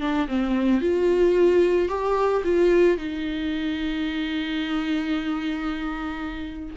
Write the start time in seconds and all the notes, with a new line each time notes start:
0.00 D4
0.28 C4
0.81 F4
1.88 G4
2.44 F4
2.97 D#4